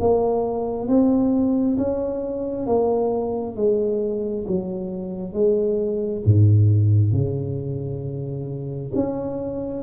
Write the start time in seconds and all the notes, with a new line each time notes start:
0.00 A#3
0.88 C4
1.77 C#4
2.66 A#3
3.56 G#3
4.47 F#3
5.33 G#3
6.25 G#2
7.12 C#3
8.95 C#4